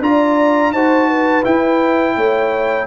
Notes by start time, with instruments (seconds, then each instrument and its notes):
0.00 tuba D4, trombone F4, horn D5, trumpet A#5
0.72 tuba D#4, trombone F#4, horn C5, trumpet A5
1.08 horn B4
1.43 trombone E4, tuba E4, trumpet G5
2.16 tuba A3, horn C#5